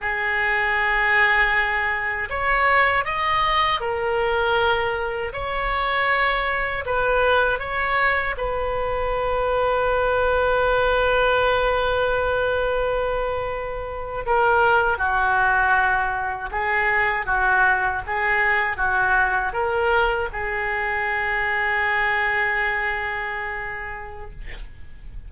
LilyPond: \new Staff \with { instrumentName = "oboe" } { \time 4/4 \tempo 4 = 79 gis'2. cis''4 | dis''4 ais'2 cis''4~ | cis''4 b'4 cis''4 b'4~ | b'1~ |
b'2~ b'8. ais'4 fis'16~ | fis'4.~ fis'16 gis'4 fis'4 gis'16~ | gis'8. fis'4 ais'4 gis'4~ gis'16~ | gis'1 | }